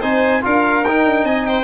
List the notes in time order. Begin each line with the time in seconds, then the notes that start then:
0.00 C4 D#4 C5 G#5
0.42 D4 F4 A#4 F5
0.84 D#4 G5
1.06 D4
1.24 C4 D#5 G#5
1.46 C5 G5